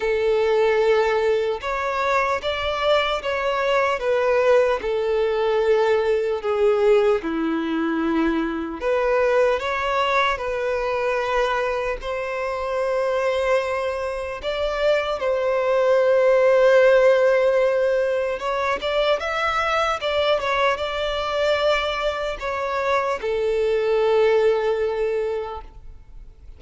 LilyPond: \new Staff \with { instrumentName = "violin" } { \time 4/4 \tempo 4 = 75 a'2 cis''4 d''4 | cis''4 b'4 a'2 | gis'4 e'2 b'4 | cis''4 b'2 c''4~ |
c''2 d''4 c''4~ | c''2. cis''8 d''8 | e''4 d''8 cis''8 d''2 | cis''4 a'2. | }